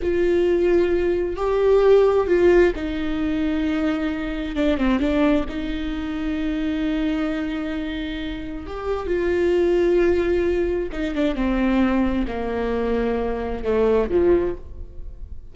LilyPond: \new Staff \with { instrumentName = "viola" } { \time 4/4 \tempo 4 = 132 f'2. g'4~ | g'4 f'4 dis'2~ | dis'2 d'8 c'8 d'4 | dis'1~ |
dis'2. g'4 | f'1 | dis'8 d'8 c'2 ais4~ | ais2 a4 f4 | }